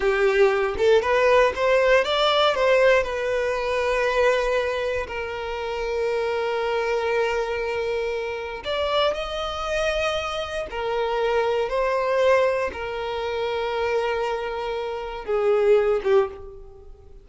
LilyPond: \new Staff \with { instrumentName = "violin" } { \time 4/4 \tempo 4 = 118 g'4. a'8 b'4 c''4 | d''4 c''4 b'2~ | b'2 ais'2~ | ais'1~ |
ais'4 d''4 dis''2~ | dis''4 ais'2 c''4~ | c''4 ais'2.~ | ais'2 gis'4. g'8 | }